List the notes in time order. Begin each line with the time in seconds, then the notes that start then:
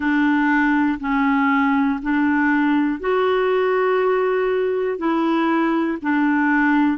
0.00 D4
1.00 C#4
2.02 D4
3.00 F#4
4.97 E4
6.02 D4